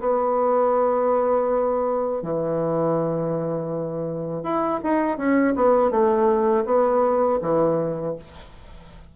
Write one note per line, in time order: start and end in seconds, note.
0.00 2.22 B3
2.22 4.43 E3
4.43 4.80 E4
4.83 5.18 D#4
5.18 5.55 C#4
5.56 5.91 B3
5.91 6.65 A3
6.65 7.39 B3
7.41 8.15 E3